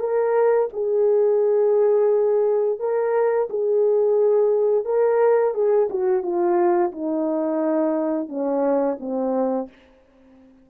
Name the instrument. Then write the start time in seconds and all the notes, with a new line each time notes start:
horn
0.00 A#4
0.74 G#4
2.80 A#4
3.50 G#4
4.86 A#4
5.55 G#4
5.90 F#4
6.23 F4
6.92 D#4
8.29 C#4
9.00 C4